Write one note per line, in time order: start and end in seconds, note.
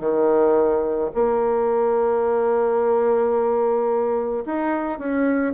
0.00 1.10 D#3
1.14 4.45 A#3
4.45 4.99 D#4
4.99 5.54 C#4